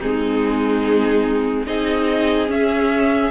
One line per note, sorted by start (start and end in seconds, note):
0.00 1.68 G#3
0.00 1.67 C4
0.00 1.67 D#4
0.00 1.67 G#4
1.67 2.50 C4
1.67 2.48 D#4
1.67 3.32 G#4
1.67 2.50 D#5
2.48 3.31 C#4
2.48 3.32 C#4
2.48 3.32 E5